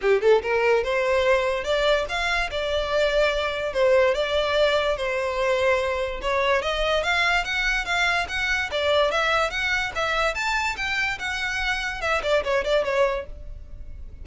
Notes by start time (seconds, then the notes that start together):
0.01 G4
0.21 A4
0.42 A#4
0.83 C5
1.64 D5
2.08 F5
2.51 D5
3.73 C5
4.14 D5
4.96 C5
6.21 C#5
6.62 D#5
7.03 F5
7.44 F#5
7.85 F5
8.28 F#5
8.71 D5
9.11 E5
9.50 F#5
9.95 E5
10.34 A5
10.76 G5
11.18 F#5
12.01 E5
12.22 D5
12.44 C#5
12.64 D5
12.84 C#5